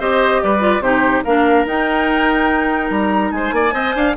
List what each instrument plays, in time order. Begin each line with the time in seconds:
0.00 bassoon C4, clarinet G4, oboe C5, flute D#5
0.42 bassoon G3, oboe B4, flute D5
0.60 clarinet F4
0.80 bassoon C3, clarinet D#4, oboe G4, flute C5
1.24 bassoon A#3, clarinet D4, oboe A#4, flute F5
1.65 bassoon D#4, clarinet D#4, flute G5
2.90 bassoon G3, flute A#5
3.32 bassoon G#3, oboe C5, flute G#5
3.52 bassoon A#3, oboe D5
3.72 bassoon C4, clarinet C5, oboe D#5
3.95 bassoon D4, oboe F5